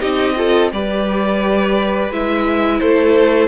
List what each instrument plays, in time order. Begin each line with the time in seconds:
0.00 cello C4, viola D#4, violin G4 D#5
0.36 viola F4, violin A4
0.72 cello G3, viola G4, violin B4 D5
2.10 cello G#3, viola E4, violin E5
2.79 cello A3, violin A4 C5